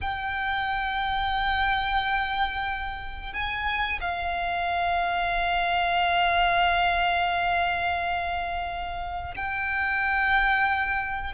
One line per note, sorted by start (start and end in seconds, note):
0.01 3.33 G5
3.33 3.99 G#5
4.01 9.34 F5
9.35 11.33 G5